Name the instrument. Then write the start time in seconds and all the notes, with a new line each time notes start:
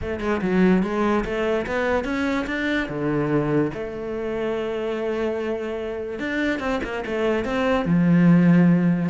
cello
0.01 A3
0.20 G#3
0.41 F#3
0.83 G#3
1.24 A3
1.66 B3
2.04 C#4
2.46 D4
2.89 D3
3.74 A3
6.19 D4
6.59 C4
6.83 A#3
7.06 A3
7.44 C4
7.85 F3